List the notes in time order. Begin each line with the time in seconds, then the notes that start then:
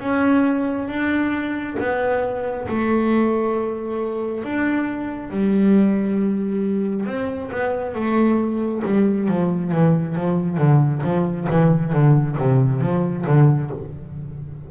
0.00 C#4
0.88 D4
1.80 B3
2.69 A3
4.44 D4
5.31 G3
7.06 C4
7.51 B3
7.95 A3
8.85 G3
9.28 F3
9.72 E3
10.16 F3
10.58 D3
11.04 F3
11.50 E3
11.93 D3
12.38 C3
12.81 F3
13.27 D3